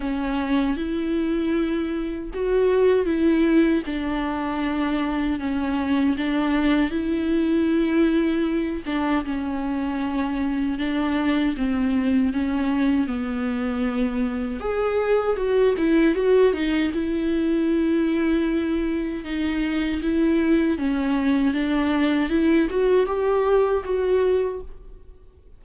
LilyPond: \new Staff \with { instrumentName = "viola" } { \time 4/4 \tempo 4 = 78 cis'4 e'2 fis'4 | e'4 d'2 cis'4 | d'4 e'2~ e'8 d'8 | cis'2 d'4 c'4 |
cis'4 b2 gis'4 | fis'8 e'8 fis'8 dis'8 e'2~ | e'4 dis'4 e'4 cis'4 | d'4 e'8 fis'8 g'4 fis'4 | }